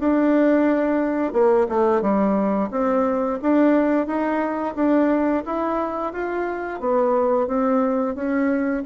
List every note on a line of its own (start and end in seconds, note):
0.00 1.33 D4
1.33 1.67 A#3
1.69 2.02 A3
2.02 2.70 G3
2.71 3.39 C4
3.42 4.07 D4
4.07 4.75 D#4
4.76 5.44 D4
5.46 6.13 E4
6.13 6.80 F4
6.80 7.48 B3
7.48 8.15 C4
8.15 8.84 C#4